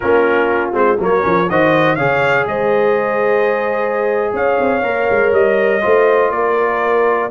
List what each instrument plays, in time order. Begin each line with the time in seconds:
0.00 tuba A#3, trombone C#4, horn F4, trumpet A#4
0.72 tuba G#3, trombone C4, trumpet C5
0.99 tuba F#3, trombone A#3, horn A#4, trumpet C#5
1.21 tuba F3, trombone C#4
1.49 tuba D#3, trombone F#4, horn C5, trumpet D#5
1.95 tuba C#3, trombone G#4, horn C#5, trumpet F5
2.46 tuba G#3, horn C5, trumpet D#5
4.33 tuba C#4, horn C#5, trumpet F5
4.60 tuba C4
4.82 tuba A#3, trombone A#4
5.10 tuba G#3
5.32 tuba G3, trumpet D#5
5.81 tuba A3, trombone F4, horn C5
6.30 tuba A#3, horn A#4, trumpet D5